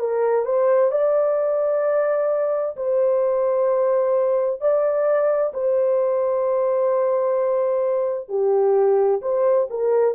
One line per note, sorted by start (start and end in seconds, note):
0.00 0.45 A#4
0.45 0.91 C5
0.91 2.76 D5
2.77 4.61 C5
4.61 5.53 D5
5.54 8.30 C5
8.30 9.22 G4
9.22 9.68 C5
9.70 10.15 A#4